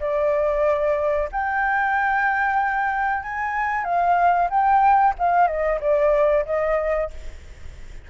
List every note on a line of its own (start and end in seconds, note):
0.00 1.29 D5
1.32 3.23 G5
3.23 3.84 G#5
3.84 4.49 F5
4.50 5.14 G5
5.19 5.47 F5
5.47 5.79 D#5
5.81 6.45 D5
6.45 7.10 D#5